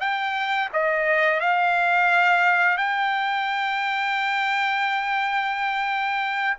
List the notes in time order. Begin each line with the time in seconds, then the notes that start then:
0.00 G5
0.73 D#5
1.40 F5
2.77 G5